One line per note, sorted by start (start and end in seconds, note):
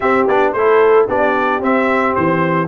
0.00 0.28 C4
0.00 0.27 C4
0.00 0.53 G4
0.00 0.27 E5
0.27 0.53 B3
0.27 0.56 D4
0.27 0.52 D5
0.52 1.07 A3
0.52 1.08 E4
0.52 1.08 A4
0.52 1.07 C5
1.08 1.60 B3
1.08 1.61 D4
1.08 2.67 G4
1.08 1.63 D5
1.60 2.14 C4
1.60 2.67 C4
1.60 2.15 E5
2.15 2.67 E3
2.15 2.67 C5